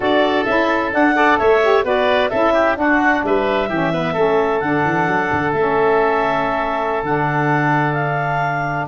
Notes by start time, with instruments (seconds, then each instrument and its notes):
0.00 tuba D4, saxophone F#4, oboe A4, clarinet D5
0.45 tuba C#4, saxophone E4, clarinet E5
0.91 saxophone D4, tuba D4, clarinet F#5
1.15 saxophone A4, oboe D5
1.38 tuba A3, oboe C#5, clarinet E5
1.63 saxophone G4
1.83 tuba B3, saxophone F#4, oboe B4, clarinet D5
2.29 tuba C#4, saxophone E4, oboe A4, clarinet E5
2.53 oboe G4
2.75 saxophone D4, tuba D4, oboe F#4, clarinet F#5
3.23 tuba G3, oboe B4, clarinet E5
3.69 tuba E3, saxophone C#4, oboe G4
3.92 saxophone B3, oboe B4
4.13 tuba A3, saxophone C#4, oboe A4
4.60 tuba D3, saxophone D4, clarinet F#5
4.84 tuba E3
5.07 tuba F#3
5.32 tuba D3
5.52 tuba A3, saxophone C#4, clarinet E5
7.02 tuba D3, saxophone D4, clarinet F#5
7.93 clarinet F5